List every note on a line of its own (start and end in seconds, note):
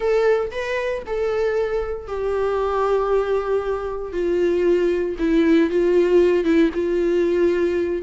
0.00 0.51 A4
0.51 1.03 B4
1.06 2.07 A4
2.07 4.12 G4
4.12 5.16 F4
5.18 5.70 E4
5.70 6.44 F4
6.44 6.70 E4
6.74 8.02 F4